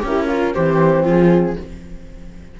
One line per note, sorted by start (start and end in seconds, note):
0.00 0.55 C#4
0.00 0.26 G4
0.06 0.27 E4
0.06 0.54 A#4
0.27 0.53 F4
0.27 0.54 F4
0.54 1.05 E3
0.54 1.59 C4
0.54 1.03 G4
0.54 1.06 C5
1.03 1.56 F3
1.03 1.55 F4
1.03 1.60 G#4